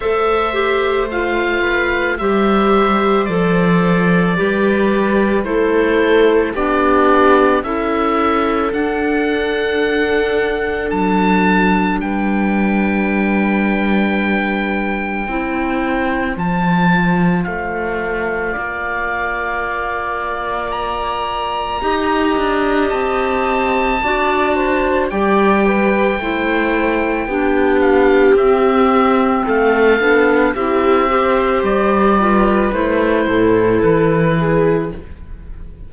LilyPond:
<<
  \new Staff \with { instrumentName = "oboe" } { \time 4/4 \tempo 4 = 55 e''4 f''4 e''4 d''4~ | d''4 c''4 d''4 e''4 | fis''2 a''4 g''4~ | g''2. a''4 |
f''2. ais''4~ | ais''4 a''2 g''4~ | g''4. f''8 e''4 f''4 | e''4 d''4 c''4 b'4 | }
  \new Staff \with { instrumentName = "viola" } { \time 4/4 c''4. b'8 c''2 | b'4 a'4 g'4 a'4~ | a'2. b'4~ | b'2 c''2~ |
c''4 d''2. | dis''2 d''8 c''8 d''8 b'8 | c''4 g'2 a'4 | g'8 c''4 b'4 a'4 gis'8 | }
  \new Staff \with { instrumentName = "clarinet" } { \time 4/4 a'8 g'8 f'4 g'4 a'4 | g'4 e'4 d'4 e'4 | d'1~ | d'2 e'4 f'4~ |
f'1 | g'2 fis'4 g'4 | e'4 d'4 c'4. d'8 | e'8 g'4 f'8 e'2 | }
  \new Staff \with { instrumentName = "cello" } { \time 4/4 a2 g4 f4 | g4 a4 b4 cis'4 | d'2 fis4 g4~ | g2 c'4 f4 |
a4 ais2. | dis'8 d'8 c'4 d'4 g4 | a4 b4 c'4 a8 b8 | c'4 g4 a8 a,8 e4 | }
>>